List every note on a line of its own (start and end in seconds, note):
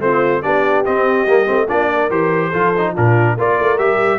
0.00 0.42 A3
0.00 0.43 C4
0.00 0.42 F4
0.00 0.42 C5
0.42 0.87 B3
0.42 0.85 D4
0.42 1.67 G4
0.42 0.84 D5
0.85 1.27 C4
0.85 1.26 C4
0.85 1.69 D#5
1.26 1.47 G3
1.26 1.46 A#3
1.46 1.70 A3
1.46 1.67 C4
1.69 2.10 A#3
1.69 2.10 D4
1.69 1.90 F4
1.69 2.11 D5
1.93 2.50 A#4
2.10 2.52 E3
2.10 2.52 G4
2.10 2.95 C5
2.50 2.97 F3
2.50 2.74 F4
2.50 2.92 A4
2.78 2.96 D#4
2.94 3.37 A#2
2.94 3.38 D4
2.94 3.36 F4
2.94 3.39 A#4
3.37 3.58 A#3
3.37 3.79 F4
3.37 4.19 A#4
3.37 3.79 D5
3.59 3.79 A3
3.79 4.19 G3
3.79 4.19 G4
3.79 4.19 E5